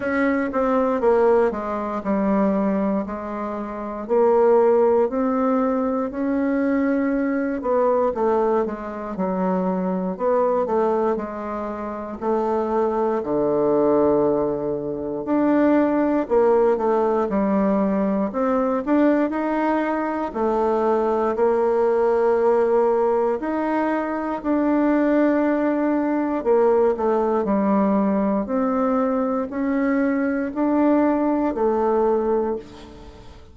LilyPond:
\new Staff \with { instrumentName = "bassoon" } { \time 4/4 \tempo 4 = 59 cis'8 c'8 ais8 gis8 g4 gis4 | ais4 c'4 cis'4. b8 | a8 gis8 fis4 b8 a8 gis4 | a4 d2 d'4 |
ais8 a8 g4 c'8 d'8 dis'4 | a4 ais2 dis'4 | d'2 ais8 a8 g4 | c'4 cis'4 d'4 a4 | }